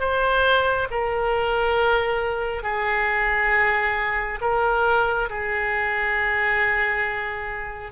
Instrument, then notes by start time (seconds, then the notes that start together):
oboe
0.00 C5
0.91 A#4
2.63 G#4
4.41 A#4
5.29 G#4